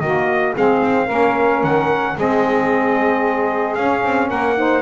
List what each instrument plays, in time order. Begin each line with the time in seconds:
0.00 double bass D#3, saxophone A#3 F#4, trumpet D#5
0.54 double bass G#3, saxophone C4 G#4, trumpet F5
0.83 double bass C4
1.06 double bass A#3, saxophone C#4 A#4
1.63 double bass D#3, trumpet F#5
2.15 double bass G#3, saxophone C4 G#4, trumpet D#5
3.75 double bass C#4, saxophone C#4, trumpet F5
4.04 double bass C4
4.28 double bass A#3, saxophone A#4, trumpet F#5
4.56 saxophone D#4 C5